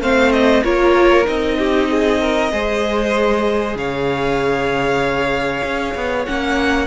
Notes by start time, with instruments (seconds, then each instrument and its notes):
0.00 cello A3, viola C4, violin C5 F5
0.32 violin D#5
0.64 cello A#3, viola F4, violin A#4 C#5
1.25 cello C4, viola D#4, violin D#5
1.58 violin G4
1.90 violin G#4
2.21 violin A#4
2.52 cello G#3, viola G#4, violin C5
3.75 cello C#3, violin C#5 F5
5.63 cello C#4
5.95 cello B3
6.25 cello A#3, viola C#4, violin F#5